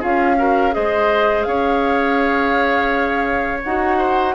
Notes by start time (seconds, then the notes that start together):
0.00 C#4 F4 G#4 F5
0.37 F#4 A#4
0.71 G#3 G#4 C5 D#5
1.43 C#4 C#5 F5
3.64 D#4 F#4 F#5
3.98 C5